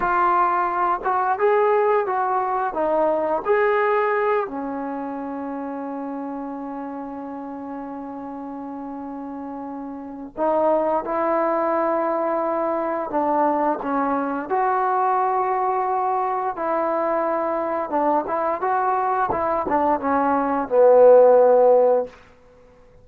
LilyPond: \new Staff \with { instrumentName = "trombone" } { \time 4/4 \tempo 4 = 87 f'4. fis'8 gis'4 fis'4 | dis'4 gis'4. cis'4.~ | cis'1~ | cis'2. dis'4 |
e'2. d'4 | cis'4 fis'2. | e'2 d'8 e'8 fis'4 | e'8 d'8 cis'4 b2 | }